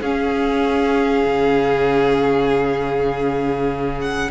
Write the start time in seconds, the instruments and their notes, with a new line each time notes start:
0.00 cello C#4, viola C#4, violin G#4 F5
1.24 cello C#3
4.00 violin F#5